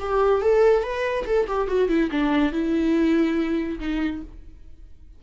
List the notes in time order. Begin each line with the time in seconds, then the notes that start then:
0.00 G4
0.42 A4
0.84 B4
1.26 A4
1.48 G4
1.68 F#4
1.89 E4
2.12 D4
2.53 E4
3.80 D#4